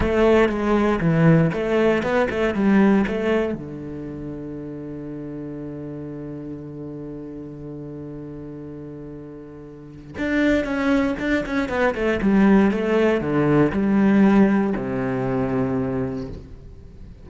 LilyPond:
\new Staff \with { instrumentName = "cello" } { \time 4/4 \tempo 4 = 118 a4 gis4 e4 a4 | b8 a8 g4 a4 d4~ | d1~ | d1~ |
d1 | d'4 cis'4 d'8 cis'8 b8 a8 | g4 a4 d4 g4~ | g4 c2. | }